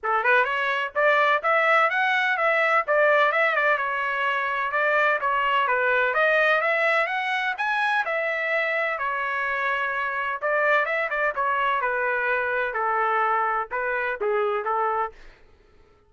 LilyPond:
\new Staff \with { instrumentName = "trumpet" } { \time 4/4 \tempo 4 = 127 a'8 b'8 cis''4 d''4 e''4 | fis''4 e''4 d''4 e''8 d''8 | cis''2 d''4 cis''4 | b'4 dis''4 e''4 fis''4 |
gis''4 e''2 cis''4~ | cis''2 d''4 e''8 d''8 | cis''4 b'2 a'4~ | a'4 b'4 gis'4 a'4 | }